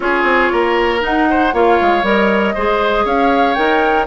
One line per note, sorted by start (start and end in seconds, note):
0.00 0.23 C#4
0.00 0.99 F4
0.00 0.52 G#4
0.00 1.01 C#5
0.23 0.49 C4
0.52 1.03 A#3
0.52 1.28 A#4
0.99 1.50 D#4
0.99 1.53 D#4
0.99 1.54 F#5
1.30 1.53 C5
1.53 1.78 A#3
1.53 2.03 F4
1.53 2.54 C#5
1.53 2.05 F5
1.81 2.02 G#3
2.02 2.53 G3
2.02 2.54 A#4
2.02 3.06 D#5
2.54 3.05 G#3
2.54 3.56 G#4
2.54 3.04 C5
3.04 3.56 C#4
3.04 4.06 C#5
3.04 3.54 F5
3.54 4.07 D#4
3.54 4.07 A#4
3.54 4.05 G5